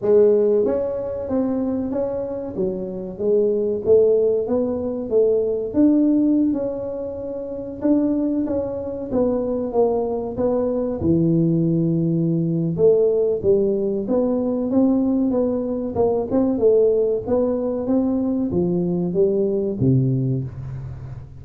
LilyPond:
\new Staff \with { instrumentName = "tuba" } { \time 4/4 \tempo 4 = 94 gis4 cis'4 c'4 cis'4 | fis4 gis4 a4 b4 | a4 d'4~ d'16 cis'4.~ cis'16~ | cis'16 d'4 cis'4 b4 ais8.~ |
ais16 b4 e2~ e8. | a4 g4 b4 c'4 | b4 ais8 c'8 a4 b4 | c'4 f4 g4 c4 | }